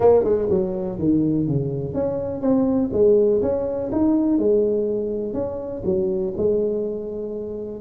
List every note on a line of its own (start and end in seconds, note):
0.00 0.24 A#3
0.24 0.48 G#3
0.50 0.98 F#3
0.98 1.47 D#3
1.47 1.94 C#3
1.94 2.41 C#4
2.41 2.90 C4
2.92 3.41 G#3
3.41 3.90 C#4
3.92 4.38 D#4
4.38 5.33 G#3
5.33 5.82 C#4
5.84 6.33 F#3
6.37 7.81 G#3